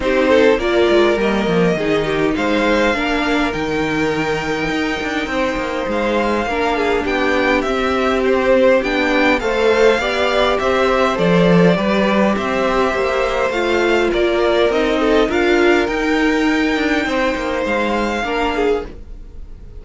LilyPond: <<
  \new Staff \with { instrumentName = "violin" } { \time 4/4 \tempo 4 = 102 c''4 d''4 dis''2 | f''2 g''2~ | g''2 f''2 | g''4 e''4 c''4 g''4 |
f''2 e''4 d''4~ | d''4 e''2 f''4 | d''4 dis''4 f''4 g''4~ | g''2 f''2 | }
  \new Staff \with { instrumentName = "violin" } { \time 4/4 g'8 a'8 ais'2 gis'8 g'8 | c''4 ais'2.~ | ais'4 c''2 ais'8 gis'8 | g'1 |
c''4 d''4 c''2 | b'4 c''2. | ais'4. a'8 ais'2~ | ais'4 c''2 ais'8 gis'8 | }
  \new Staff \with { instrumentName = "viola" } { \time 4/4 dis'4 f'4 ais4 dis'4~ | dis'4 d'4 dis'2~ | dis'2. d'4~ | d'4 c'2 d'4 |
a'4 g'2 a'4 | g'2. f'4~ | f'4 dis'4 f'4 dis'4~ | dis'2. d'4 | }
  \new Staff \with { instrumentName = "cello" } { \time 4/4 c'4 ais8 gis8 g8 f8 dis4 | gis4 ais4 dis2 | dis'8 d'8 c'8 ais8 gis4 ais4 | b4 c'2 b4 |
a4 b4 c'4 f4 | g4 c'4 ais4 a4 | ais4 c'4 d'4 dis'4~ | dis'8 d'8 c'8 ais8 gis4 ais4 | }
>>